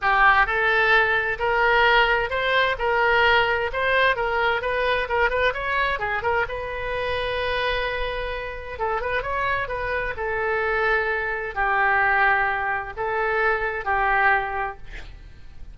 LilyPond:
\new Staff \with { instrumentName = "oboe" } { \time 4/4 \tempo 4 = 130 g'4 a'2 ais'4~ | ais'4 c''4 ais'2 | c''4 ais'4 b'4 ais'8 b'8 | cis''4 gis'8 ais'8 b'2~ |
b'2. a'8 b'8 | cis''4 b'4 a'2~ | a'4 g'2. | a'2 g'2 | }